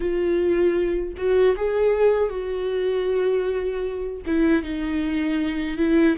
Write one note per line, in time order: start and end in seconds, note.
0.00 1.14 F4
1.17 1.55 F#4
1.56 2.29 G#4
2.29 4.22 F#4
4.26 4.62 E4
4.62 5.77 D#4
5.77 6.16 E4